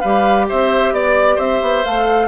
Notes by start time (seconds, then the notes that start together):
0.00 G3 G4 B4 F5
0.48 C4 C5 E5
0.92 B3 D5
1.35 C4 C5 E5
1.61 B3
1.85 A3 A4 F5